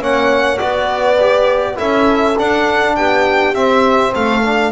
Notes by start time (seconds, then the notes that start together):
0.00 A#3 C#4 C#5 F#5
0.57 B3 F#4 B4 D5
1.20 G4
1.75 C#4 E4 A4 E5
2.38 D4 F#5
2.96 B3 G4 G5
3.54 C4 E5
4.13 A3 A4 F5
4.43 D4